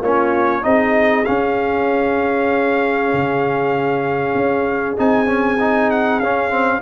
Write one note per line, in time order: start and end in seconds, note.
0.00 0.62 A#3
0.00 0.62 C#4
0.00 0.62 F4
0.00 0.64 C#5
0.62 1.26 C4
0.62 1.24 D#4
0.62 6.82 G#4
0.62 1.24 D#5
1.24 4.97 C#4
1.24 3.13 C#4
1.24 4.96 F5
3.13 4.34 C#3
4.34 4.96 C#4
4.97 6.20 C4
4.97 5.26 D#4
4.97 5.91 G#5
5.26 5.57 C#4
5.60 6.22 D#4
5.91 6.20 F#5
6.20 6.82 C#4
6.20 6.50 C#4
6.20 6.82 F5
6.50 6.81 C4